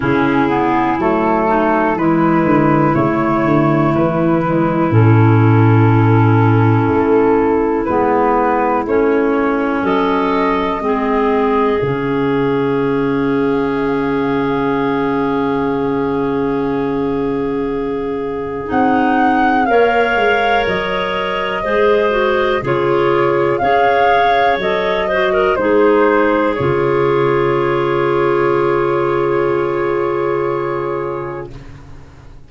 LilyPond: <<
  \new Staff \with { instrumentName = "flute" } { \time 4/4 \tempo 4 = 61 gis'4 a'4 b'4 cis''4 | b'4 a'2. | b'4 cis''4 dis''2 | f''1~ |
f''2. fis''4 | f''4 dis''2 cis''4 | f''4 dis''4 c''4 cis''4~ | cis''1 | }
  \new Staff \with { instrumentName = "clarinet" } { \time 4/4 e'4. dis'8 e'2~ | e'1~ | e'2 a'4 gis'4~ | gis'1~ |
gis'1 | cis''2 c''4 gis'4 | cis''4. c''16 ais'16 gis'2~ | gis'1 | }
  \new Staff \with { instrumentName = "clarinet" } { \time 4/4 cis'8 b8 a4 gis4 a4~ | a8 gis8 cis'2. | b4 cis'2 c'4 | cis'1~ |
cis'2. dis'4 | ais'2 gis'8 fis'8 f'4 | gis'4 a'8 fis'8 dis'4 f'4~ | f'1 | }
  \new Staff \with { instrumentName = "tuba" } { \time 4/4 cis4 fis4 e8 d8 cis8 d8 | e4 a,2 a4 | gis4 a4 fis4 gis4 | cis1~ |
cis2. c'4 | ais8 gis8 fis4 gis4 cis4 | cis'4 fis4 gis4 cis4~ | cis1 | }
>>